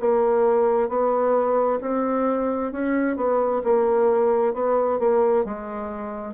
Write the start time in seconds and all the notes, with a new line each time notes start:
0.00 A#3
0.89 B3
1.81 C4
2.72 C#4
3.17 B3
3.64 A#3
4.54 B3
4.99 A#3
5.45 G#3